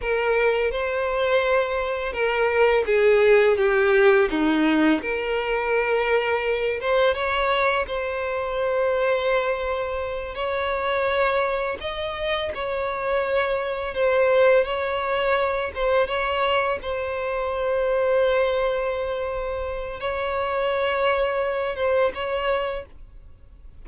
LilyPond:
\new Staff \with { instrumentName = "violin" } { \time 4/4 \tempo 4 = 84 ais'4 c''2 ais'4 | gis'4 g'4 dis'4 ais'4~ | ais'4. c''8 cis''4 c''4~ | c''2~ c''8 cis''4.~ |
cis''8 dis''4 cis''2 c''8~ | c''8 cis''4. c''8 cis''4 c''8~ | c''1 | cis''2~ cis''8 c''8 cis''4 | }